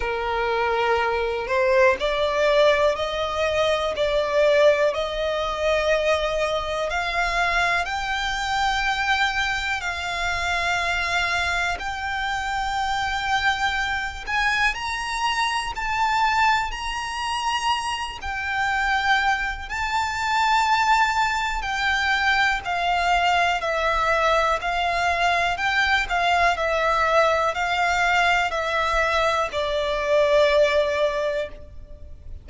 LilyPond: \new Staff \with { instrumentName = "violin" } { \time 4/4 \tempo 4 = 61 ais'4. c''8 d''4 dis''4 | d''4 dis''2 f''4 | g''2 f''2 | g''2~ g''8 gis''8 ais''4 |
a''4 ais''4. g''4. | a''2 g''4 f''4 | e''4 f''4 g''8 f''8 e''4 | f''4 e''4 d''2 | }